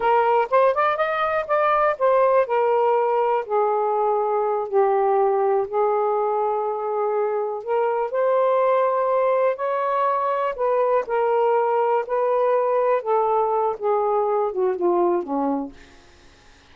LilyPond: \new Staff \with { instrumentName = "saxophone" } { \time 4/4 \tempo 4 = 122 ais'4 c''8 d''8 dis''4 d''4 | c''4 ais'2 gis'4~ | gis'4. g'2 gis'8~ | gis'2.~ gis'8 ais'8~ |
ais'8 c''2. cis''8~ | cis''4. b'4 ais'4.~ | ais'8 b'2 a'4. | gis'4. fis'8 f'4 cis'4 | }